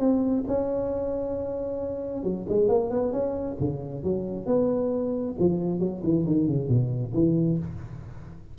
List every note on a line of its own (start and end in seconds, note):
0.00 0.44 C4
0.48 2.24 C#4
2.24 2.46 F#3
2.49 2.69 G#3
2.69 2.91 A#3
2.91 3.13 B3
3.13 3.57 C#4
3.60 4.04 C#3
4.04 4.46 F#3
4.46 5.35 B3
5.39 5.80 F3
5.80 6.02 F#3
6.04 6.26 E3
6.26 6.48 D#3
6.48 6.69 C#3
6.69 7.13 B2
7.14 7.59 E3